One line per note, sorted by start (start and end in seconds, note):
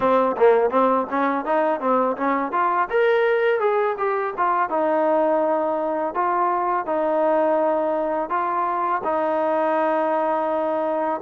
0.00 0.36 C4
0.36 0.70 A#3
0.70 1.06 C4
1.10 1.45 C#4
1.45 1.80 D#4
1.80 2.16 C4
2.17 2.52 C#4
2.52 2.88 F4
2.89 3.60 A#4
3.60 3.96 G#4
3.98 4.34 G4
4.37 4.69 F4
4.69 6.14 D#4
6.14 6.86 F4
6.86 8.29 D#4
8.29 9.01 F4
9.04 11.20 D#4